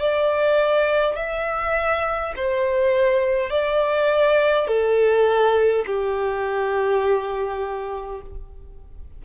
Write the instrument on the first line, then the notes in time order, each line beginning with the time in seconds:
violin
0.00 D5
1.17 E5
2.37 C5
3.50 D5
4.68 A4
5.87 G4